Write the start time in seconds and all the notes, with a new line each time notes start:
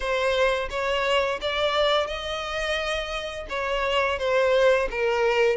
0.00 C5
0.70 C#5
1.41 D5
2.06 D#5
3.49 C#5
4.18 C5
4.90 A#4